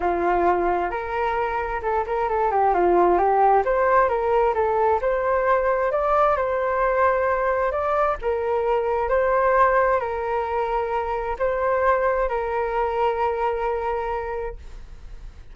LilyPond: \new Staff \with { instrumentName = "flute" } { \time 4/4 \tempo 4 = 132 f'2 ais'2 | a'8 ais'8 a'8 g'8 f'4 g'4 | c''4 ais'4 a'4 c''4~ | c''4 d''4 c''2~ |
c''4 d''4 ais'2 | c''2 ais'2~ | ais'4 c''2 ais'4~ | ais'1 | }